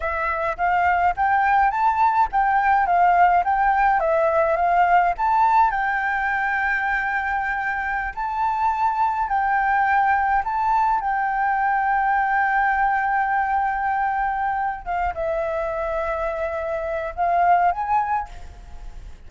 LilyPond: \new Staff \with { instrumentName = "flute" } { \time 4/4 \tempo 4 = 105 e''4 f''4 g''4 a''4 | g''4 f''4 g''4 e''4 | f''4 a''4 g''2~ | g''2~ g''16 a''4.~ a''16~ |
a''16 g''2 a''4 g''8.~ | g''1~ | g''2 f''8 e''4.~ | e''2 f''4 gis''4 | }